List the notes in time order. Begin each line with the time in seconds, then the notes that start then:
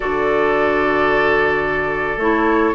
0.00 D3 F#4 A4 D5
2.16 A3 E4 C#5